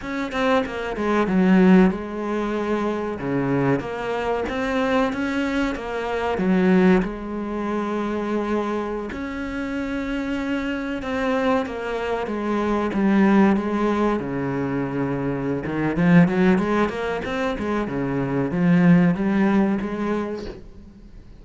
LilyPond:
\new Staff \with { instrumentName = "cello" } { \time 4/4 \tempo 4 = 94 cis'8 c'8 ais8 gis8 fis4 gis4~ | gis4 cis4 ais4 c'4 | cis'4 ais4 fis4 gis4~ | gis2~ gis16 cis'4.~ cis'16~ |
cis'4~ cis'16 c'4 ais4 gis8.~ | gis16 g4 gis4 cis4.~ cis16~ | cis8 dis8 f8 fis8 gis8 ais8 c'8 gis8 | cis4 f4 g4 gis4 | }